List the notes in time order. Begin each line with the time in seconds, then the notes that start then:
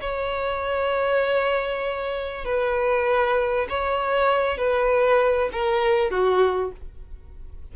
0.00 C#5
2.45 B4
3.69 C#5
4.58 B4
5.52 A#4
6.10 F#4